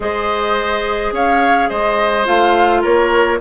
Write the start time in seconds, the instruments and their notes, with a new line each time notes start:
0.00 bassoon G#3, clarinet G#4, oboe C5, flute D#5
1.12 bassoon C#4, oboe C#5, flute F5
1.69 bassoon G#3, oboe C5, flute D#5
2.25 bassoon A3, clarinet F4, flute F5
2.81 bassoon A#3, oboe A#4, flute C#5